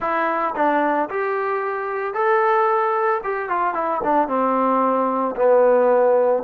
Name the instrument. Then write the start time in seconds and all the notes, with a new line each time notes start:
trombone
0.00 E4
0.55 D4
1.09 G4
2.14 A4
3.23 G4
3.49 F4
3.74 E4
4.03 D4
4.28 C4
5.36 B3